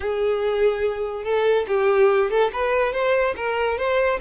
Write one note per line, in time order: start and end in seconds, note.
0.00 1.24 G#4
1.24 1.66 A4
1.67 2.30 G4
2.30 2.51 A4
2.52 2.92 B4
2.92 3.34 C5
3.36 3.78 A#4
3.78 4.20 C5